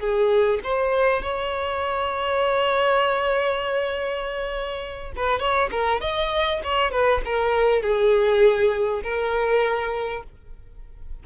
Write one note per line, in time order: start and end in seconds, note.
0.00 0.60 G#4
0.64 1.23 C5
1.23 5.13 C#5
5.16 5.40 B4
5.40 5.70 C#5
5.71 6.01 A#4
6.01 6.61 D#5
6.64 6.91 C#5
6.91 7.21 B4
7.26 7.82 A#4
7.82 9.02 G#4
9.03 10.23 A#4